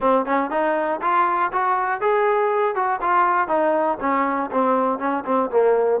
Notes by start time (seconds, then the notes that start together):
0.00 C4
0.25 C#4
0.50 D#4
1.01 F4
1.52 F#4
2.00 G#4
2.75 F#4
3.01 F4
3.47 D#4
4.00 C#4
4.51 C4
4.99 C#4
5.25 C4
5.50 A#3